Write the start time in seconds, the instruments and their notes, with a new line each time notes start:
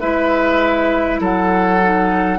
0.00 bassoon G#3, clarinet E4, oboe B4, flute E5
1.20 bassoon F#3, oboe A4, flute F#5
1.82 clarinet D#4